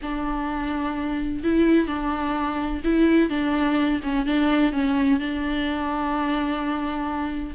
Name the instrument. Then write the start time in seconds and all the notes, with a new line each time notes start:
viola
0.02 D4
1.43 E4
1.87 D4
2.83 E4
3.29 D4
4.03 C#4
4.26 D4
4.72 C#4
5.19 D4